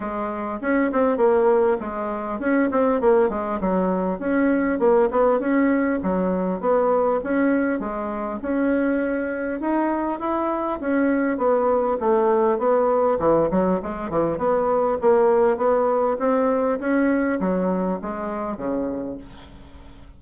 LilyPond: \new Staff \with { instrumentName = "bassoon" } { \time 4/4 \tempo 4 = 100 gis4 cis'8 c'8 ais4 gis4 | cis'8 c'8 ais8 gis8 fis4 cis'4 | ais8 b8 cis'4 fis4 b4 | cis'4 gis4 cis'2 |
dis'4 e'4 cis'4 b4 | a4 b4 e8 fis8 gis8 e8 | b4 ais4 b4 c'4 | cis'4 fis4 gis4 cis4 | }